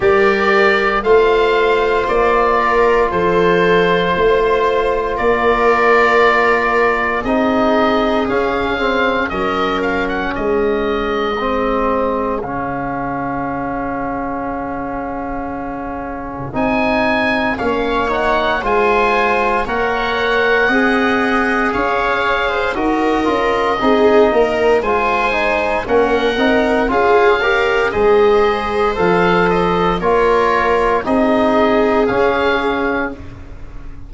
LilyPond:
<<
  \new Staff \with { instrumentName = "oboe" } { \time 4/4 \tempo 4 = 58 d''4 f''4 d''4 c''4~ | c''4 d''2 dis''4 | f''4 dis''8 f''16 fis''16 dis''2 | f''1 |
gis''4 f''8 fis''8 gis''4 fis''4~ | fis''4 f''4 dis''2 | gis''4 fis''4 f''4 dis''4 | f''8 dis''8 cis''4 dis''4 f''4 | }
  \new Staff \with { instrumentName = "viola" } { \time 4/4 ais'4 c''4. ais'8 a'4 | c''4 ais'2 gis'4~ | gis'4 ais'4 gis'2~ | gis'1~ |
gis'4 cis''4 c''4 cis''4 | dis''4 cis''8. c''16 ais'4 gis'8 ais'8 | c''4 ais'4 gis'8 ais'8 c''4~ | c''4 ais'4 gis'2 | }
  \new Staff \with { instrumentName = "trombone" } { \time 4/4 g'4 f'2.~ | f'2. dis'4 | cis'8 c'8 cis'2 c'4 | cis'1 |
dis'4 cis'8 dis'8 f'4 ais'4 | gis'2 fis'8 f'8 dis'4 | f'8 dis'8 cis'8 dis'8 f'8 g'8 gis'4 | a'4 f'4 dis'4 cis'4 | }
  \new Staff \with { instrumentName = "tuba" } { \time 4/4 g4 a4 ais4 f4 | a4 ais2 c'4 | cis'4 fis4 gis2 | cis1 |
c'4 ais4 gis4 ais4 | c'4 cis'4 dis'8 cis'8 c'8 ais8 | gis4 ais8 c'8 cis'4 gis4 | f4 ais4 c'4 cis'4 | }
>>